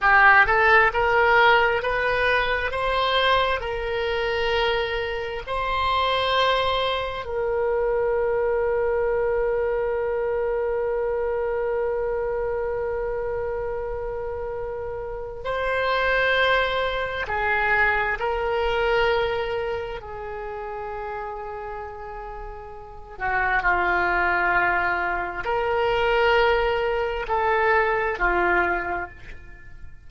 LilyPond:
\new Staff \with { instrumentName = "oboe" } { \time 4/4 \tempo 4 = 66 g'8 a'8 ais'4 b'4 c''4 | ais'2 c''2 | ais'1~ | ais'1~ |
ais'4 c''2 gis'4 | ais'2 gis'2~ | gis'4. fis'8 f'2 | ais'2 a'4 f'4 | }